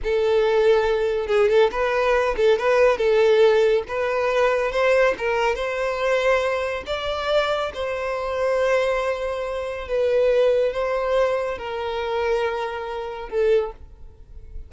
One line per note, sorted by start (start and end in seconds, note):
0.03 1.27 A4
1.27 1.48 G#4
1.48 1.70 A4
1.71 2.35 B4
2.36 2.58 A4
2.58 2.97 B4
2.97 3.83 A4
3.87 4.71 B4
4.71 5.14 C5
5.18 5.55 A#4
5.55 6.83 C5
6.86 7.72 D5
7.74 9.87 C5
9.87 10.72 B4
10.72 11.58 C5
11.58 13.29 A#4
13.29 13.71 A4